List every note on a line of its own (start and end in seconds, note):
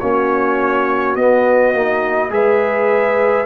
0.00 1.15 A#3
0.00 1.17 C#4
0.00 2.31 F#4
0.00 1.15 C#5
1.15 1.73 B3
1.15 1.75 B3
1.15 2.31 D#5
1.73 2.30 A#3
1.73 2.30 D#4
2.30 3.46 G#3
2.30 3.45 G#4
2.30 3.46 B4
2.30 3.46 E5